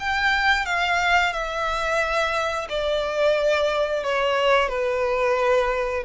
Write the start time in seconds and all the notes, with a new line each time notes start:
0.00 G5
0.66 F5
1.33 E5
2.70 D5
4.04 C#5
4.69 B4